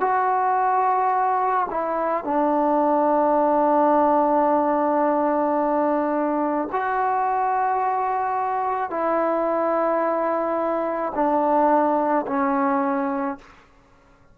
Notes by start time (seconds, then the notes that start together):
0.00 F#4
1.70 E4
2.24 D4
6.72 F#4
8.90 E4
11.15 D4
12.27 C#4